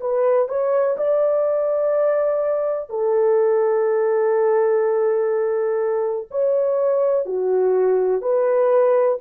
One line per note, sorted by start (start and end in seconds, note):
0.00 0.48 B4
0.48 0.96 C#5
0.97 2.89 D5
2.89 6.28 A4
6.31 7.25 C#5
7.25 8.21 F#4
8.21 9.18 B4